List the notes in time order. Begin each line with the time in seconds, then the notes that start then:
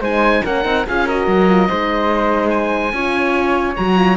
0.00 G#3 D#4 C5 G#5
0.44 A#3 C#4 A#4 F#5
0.62 C4 D#4
0.87 C#4 F4 G#4 F5
1.06 F#4 A#4 D#5
1.27 F#3
1.48 F4
1.68 G#3 D#4 C5
2.50 G#5
2.92 C#4 F4 C#5
3.76 F#3 F#4 A#5
3.97 F4